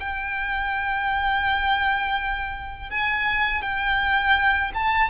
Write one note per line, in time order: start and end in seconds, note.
0.00 2.90 G5
2.90 3.62 G#5
3.62 4.72 G5
4.74 5.11 A5